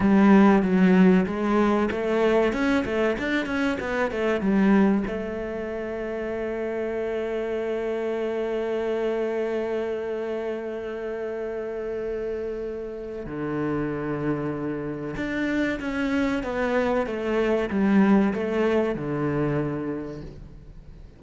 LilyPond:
\new Staff \with { instrumentName = "cello" } { \time 4/4 \tempo 4 = 95 g4 fis4 gis4 a4 | cis'8 a8 d'8 cis'8 b8 a8 g4 | a1~ | a1~ |
a1~ | a4 d2. | d'4 cis'4 b4 a4 | g4 a4 d2 | }